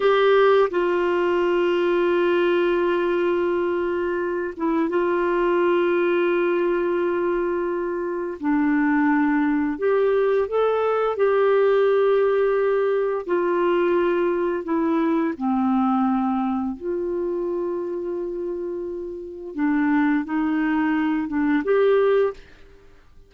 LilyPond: \new Staff \with { instrumentName = "clarinet" } { \time 4/4 \tempo 4 = 86 g'4 f'2.~ | f'2~ f'8 e'8 f'4~ | f'1 | d'2 g'4 a'4 |
g'2. f'4~ | f'4 e'4 c'2 | f'1 | d'4 dis'4. d'8 g'4 | }